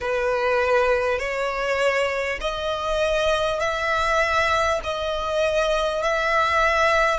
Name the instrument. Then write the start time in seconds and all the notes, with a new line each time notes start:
violin
0.01 B4
1.18 C#5
2.40 D#5
3.60 E5
4.83 D#5
6.02 E5